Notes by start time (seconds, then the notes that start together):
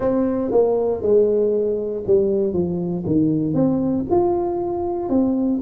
0.00 C4
0.51 A#3
1.02 G#3
2.06 G3
2.53 F3
3.06 D#3
3.54 C4
4.10 F4
5.08 C4